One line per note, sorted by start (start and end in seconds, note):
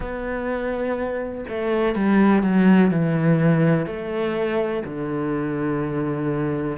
0.00 1.44 B3
1.48 1.95 A3
1.95 2.42 G3
2.42 2.90 F#3
2.90 3.86 E3
3.86 4.83 A3
4.84 6.77 D3